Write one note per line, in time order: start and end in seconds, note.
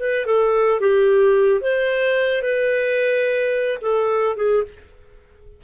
0.00 0.26 B4
0.26 0.81 A4
0.81 1.62 G4
1.62 2.42 C5
2.42 3.79 B4
3.82 4.37 A4
4.37 4.64 G#4